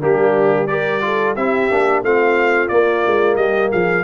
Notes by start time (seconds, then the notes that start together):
0.00 G3 A#3 D4 G4
0.67 G4 A#4 D5
1.01 F4 A4
1.35 C4 E4 G4 E5
1.71 A#3 D4
2.02 A3 C4 F4 F5
2.68 A#3 D5
3.06 G#3
3.36 G3 G4 D#5
3.70 F3 G#4 F5